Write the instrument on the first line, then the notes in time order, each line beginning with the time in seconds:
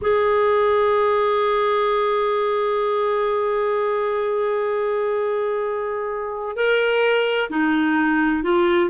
clarinet
0.01 G#4
6.55 A#4
7.50 D#4
8.43 F4